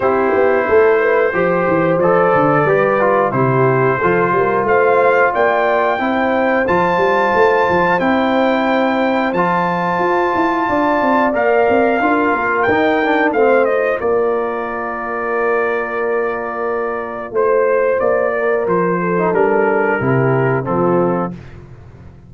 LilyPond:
<<
  \new Staff \with { instrumentName = "trumpet" } { \time 4/4 \tempo 4 = 90 c''2. d''4~ | d''4 c''2 f''4 | g''2 a''2 | g''2 a''2~ |
a''4 f''2 g''4 | f''8 dis''8 d''2.~ | d''2 c''4 d''4 | c''4 ais'2 a'4 | }
  \new Staff \with { instrumentName = "horn" } { \time 4/4 g'4 a'8 b'8 c''2 | b'4 g'4 a'8 ais'8 c''4 | d''4 c''2.~ | c''1 |
d''2 ais'2 | c''4 ais'2.~ | ais'2 c''4. ais'8~ | ais'8 a'4. g'4 f'4 | }
  \new Staff \with { instrumentName = "trombone" } { \time 4/4 e'2 g'4 a'4 | g'8 f'8 e'4 f'2~ | f'4 e'4 f'2 | e'2 f'2~ |
f'4 ais'4 f'4 dis'8 d'8 | c'8 f'2.~ f'8~ | f'1~ | f'8. dis'16 d'4 e'4 c'4 | }
  \new Staff \with { instrumentName = "tuba" } { \time 4/4 c'8 b8 a4 f8 e8 f8 d8 | g4 c4 f8 g8 a4 | ais4 c'4 f8 g8 a8 f8 | c'2 f4 f'8 e'8 |
d'8 c'8 ais8 c'8 d'8 ais8 dis'4 | a4 ais2.~ | ais2 a4 ais4 | f4 g4 c4 f4 | }
>>